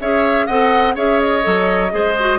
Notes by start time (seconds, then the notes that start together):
0.00 C#4 G#4 C#5 E5
0.46 C4 A4 D#5 F#5
0.95 C#4 G#4 C#5 E5
1.20 D#5
1.42 F#3 A4
1.90 G#3 G#4 C5
2.19 F#4